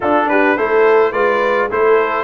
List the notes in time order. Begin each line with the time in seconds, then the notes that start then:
0.00 D4 F4 A4
0.28 G4 B4
0.56 A3 E4 A4 C5
1.12 G#3 F4 B4 D5
1.70 A3 E4 A4 C5